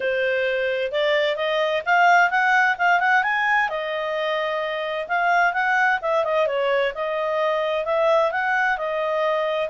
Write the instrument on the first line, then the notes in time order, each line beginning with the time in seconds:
clarinet
0.00 C5
0.91 D5
1.36 D#5
1.85 F5
2.30 F#5
2.78 F5
3.00 F#5
3.23 G#5
3.69 D#5
5.08 F5
5.53 F#5
6.01 E5
6.24 D#5
6.46 C#5
6.94 D#5
7.85 E5
8.31 F#5
8.77 D#5